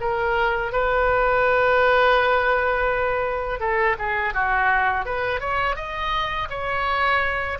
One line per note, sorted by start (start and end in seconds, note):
0.00 0.72 A#4
0.72 3.60 B4
3.60 3.96 A4
3.99 4.34 G#4
4.34 5.05 F#4
5.05 5.40 B4
5.40 5.76 C#5
5.76 6.48 D#5
6.49 7.58 C#5